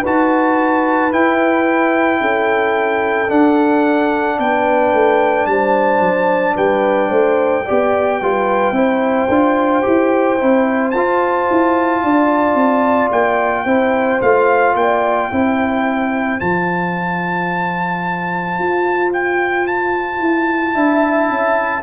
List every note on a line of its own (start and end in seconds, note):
0.00 1.13 D#4
0.00 1.11 F#4
0.00 2.18 B4
0.00 1.12 A5
1.11 3.28 E4
1.11 2.20 E4
1.11 3.30 G5
2.20 3.29 C#4
2.20 4.39 A4
3.28 7.64 D4
3.28 4.38 D4
3.28 4.39 F#5
4.38 4.93 B3
4.38 5.50 B4
4.38 5.46 G5
4.93 5.46 A3
5.46 6.00 G3
5.46 6.55 C5
5.46 6.55 A5
6.00 6.55 F#3
6.55 7.10 G3
6.55 7.09 B4
6.55 10.90 G5
7.09 7.65 A3
7.09 7.64 C5
7.65 8.21 B3
7.65 8.22 G4
7.65 8.20 D5
8.21 8.72 G3
8.21 8.74 F4
8.21 8.75 B4
8.72 9.26 C4
8.72 9.28 E4
8.72 12.03 C5
9.29 9.83 D4
9.29 9.82 F4
9.82 10.41 E4
9.82 10.37 G4
10.38 10.94 C4
10.38 10.92 E4
10.90 11.49 F4
10.90 13.67 F4
10.90 13.09 A5
11.50 12.03 E4
12.03 12.55 D4
12.03 13.66 D5
12.55 13.09 C4
13.12 13.65 A#3
13.12 14.21 G5
13.65 14.20 C4
13.65 14.21 E4
13.65 14.75 C5
14.21 14.75 A3
14.21 15.31 F4
14.21 14.76 F5
14.75 15.29 A#3
14.75 15.31 D5
14.75 16.40 G5
15.31 16.41 C4
15.31 16.39 E4
15.31 20.75 C5
16.39 18.59 F3
16.39 20.73 F4
16.39 19.12 A5
18.59 20.20 F4
19.13 19.67 G5
19.67 21.82 A5
20.20 20.74 E4
20.73 21.29 D4
20.73 21.82 E4
20.73 21.82 E5
21.29 21.82 C#4